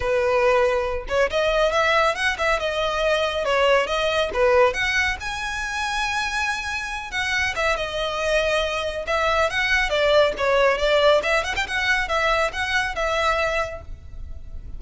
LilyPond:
\new Staff \with { instrumentName = "violin" } { \time 4/4 \tempo 4 = 139 b'2~ b'8 cis''8 dis''4 | e''4 fis''8 e''8 dis''2 | cis''4 dis''4 b'4 fis''4 | gis''1~ |
gis''8 fis''4 e''8 dis''2~ | dis''4 e''4 fis''4 d''4 | cis''4 d''4 e''8 fis''16 g''16 fis''4 | e''4 fis''4 e''2 | }